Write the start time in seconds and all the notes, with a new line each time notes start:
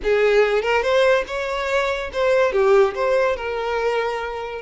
0.03 G#4
0.62 A#4
0.82 C5
1.27 C#5
2.13 C5
2.52 G4
2.94 C5
3.36 A#4